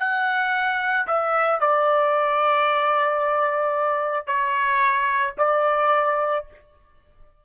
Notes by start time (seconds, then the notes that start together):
0.00 F#5
1.07 E5
1.61 D5
4.27 C#5
5.38 D5